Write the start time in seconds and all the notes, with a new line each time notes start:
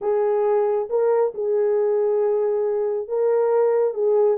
0.01 G#4
0.89 A#4
1.34 G#4
3.08 A#4
3.94 G#4